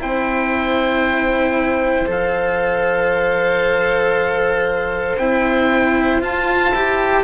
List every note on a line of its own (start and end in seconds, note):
0.00 2.07 C4
0.00 2.06 E4
0.00 7.23 C5
0.00 2.08 G5
2.06 5.17 F3
2.06 5.16 A4
2.06 5.17 F5
5.17 6.21 C4
5.17 6.21 E4
5.17 6.21 G5
6.21 6.70 F4
6.21 6.73 F4
6.21 7.23 A5
6.70 7.22 E4
6.70 7.23 G4